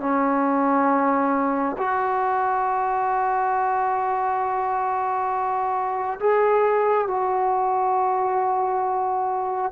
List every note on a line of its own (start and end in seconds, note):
0.00 1.76 C#4
1.78 6.19 F#4
6.20 7.08 G#4
7.08 9.72 F#4